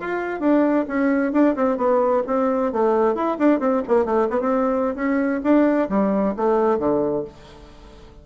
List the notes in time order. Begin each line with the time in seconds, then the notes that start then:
0.00 F4
0.40 D4
0.88 C#4
1.33 D4
1.56 C4
1.78 B3
2.27 C4
2.73 A3
3.15 E4
3.39 D4
3.60 C4
3.88 A#3
4.06 A3
4.30 B3
4.41 C4
4.96 C#4
5.44 D4
5.90 G3
6.37 A3
6.79 D3